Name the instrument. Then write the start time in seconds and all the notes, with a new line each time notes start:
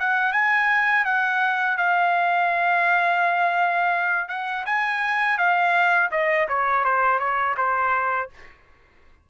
trumpet
0.00 F#5
0.33 G#5
1.05 F#5
1.77 F5
4.28 F#5
4.66 G#5
5.38 F5
6.12 D#5
6.49 C#5
6.85 C5
7.19 C#5
7.57 C5